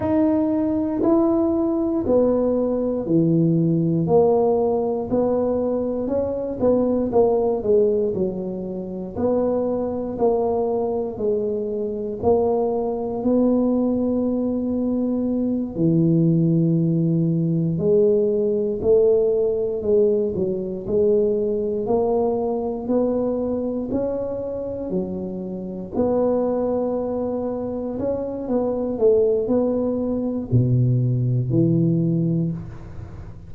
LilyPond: \new Staff \with { instrumentName = "tuba" } { \time 4/4 \tempo 4 = 59 dis'4 e'4 b4 e4 | ais4 b4 cis'8 b8 ais8 gis8 | fis4 b4 ais4 gis4 | ais4 b2~ b8 e8~ |
e4. gis4 a4 gis8 | fis8 gis4 ais4 b4 cis'8~ | cis'8 fis4 b2 cis'8 | b8 a8 b4 b,4 e4 | }